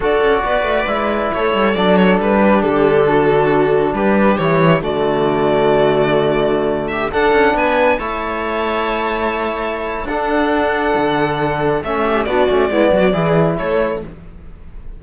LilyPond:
<<
  \new Staff \with { instrumentName = "violin" } { \time 4/4 \tempo 4 = 137 d''2. cis''4 | d''8 cis''8 b'4 a'2~ | a'4 b'4 cis''4 d''4~ | d''2.~ d''8. e''16~ |
e''16 fis''4 gis''4 a''4.~ a''16~ | a''2. fis''4~ | fis''2. e''4 | d''2. cis''4 | }
  \new Staff \with { instrumentName = "viola" } { \time 4/4 a'4 b'2 a'4~ | a'4. g'4. fis'4~ | fis'4 g'2 fis'4~ | fis'2.~ fis'8. g'16~ |
g'16 a'4 b'4 cis''4.~ cis''16~ | cis''2. a'4~ | a'2.~ a'8 g'8 | fis'4 e'8 fis'8 gis'4 a'4 | }
  \new Staff \with { instrumentName = "trombone" } { \time 4/4 fis'2 e'2 | d'1~ | d'2 e'4 a4~ | a1~ |
a16 d'2 e'4.~ e'16~ | e'2. d'4~ | d'2. cis'4 | d'8 cis'8 b4 e'2 | }
  \new Staff \with { instrumentName = "cello" } { \time 4/4 d'8 cis'8 b8 a8 gis4 a8 g8 | fis4 g4 d2~ | d4 g4 e4 d4~ | d1~ |
d16 d'8 cis'8 b4 a4.~ a16~ | a2. d'4~ | d'4 d2 a4 | b8 a8 gis8 fis8 e4 a4 | }
>>